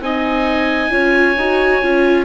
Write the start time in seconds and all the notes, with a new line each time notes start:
0.00 C4 D#4 D#5 G#5
0.90 C#4 F4 C#5
1.37 D#4 F#4
1.82 C#4 F4